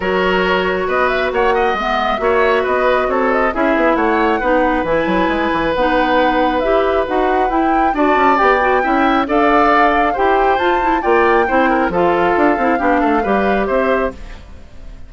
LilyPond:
<<
  \new Staff \with { instrumentName = "flute" } { \time 4/4 \tempo 4 = 136 cis''2 dis''8 e''8 fis''4 | e''2 dis''4 cis''8 dis''8 | e''4 fis''2 gis''4~ | gis''4 fis''2 e''4 |
fis''4 g''4 a''4 g''4~ | g''4 f''2 g''4 | a''4 g''2 f''4~ | f''2. e''4 | }
  \new Staff \with { instrumentName = "oboe" } { \time 4/4 ais'2 b'4 cis''8 dis''8~ | dis''4 cis''4 b'4 a'4 | gis'4 cis''4 b'2~ | b'1~ |
b'2 d''2 | e''4 d''2 c''4~ | c''4 d''4 c''8 ais'8 a'4~ | a'4 g'8 a'8 b'4 c''4 | }
  \new Staff \with { instrumentName = "clarinet" } { \time 4/4 fis'1 | b4 fis'2. | e'2 dis'4 e'4~ | e'4 dis'2 g'4 |
fis'4 e'4 fis'4 g'8 fis'8 | e'4 a'2 g'4 | f'8 e'8 f'4 e'4 f'4~ | f'8 e'8 d'4 g'2 | }
  \new Staff \with { instrumentName = "bassoon" } { \time 4/4 fis2 b4 ais4 | gis4 ais4 b4 c'4 | cis'8 b8 a4 b4 e8 fis8 | gis8 e8 b2 e'4 |
dis'4 e'4 d'8 cis'8 b4 | cis'4 d'2 e'4 | f'4 ais4 c'4 f4 | d'8 c'8 b8 a8 g4 c'4 | }
>>